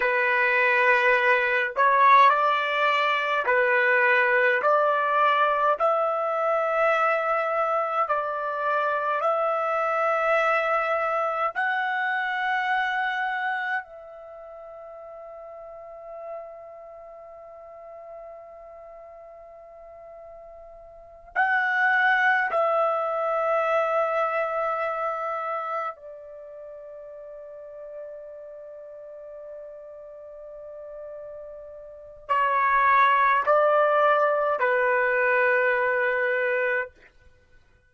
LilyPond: \new Staff \with { instrumentName = "trumpet" } { \time 4/4 \tempo 4 = 52 b'4. cis''8 d''4 b'4 | d''4 e''2 d''4 | e''2 fis''2 | e''1~ |
e''2~ e''8 fis''4 e''8~ | e''2~ e''8 d''4.~ | d''1 | cis''4 d''4 b'2 | }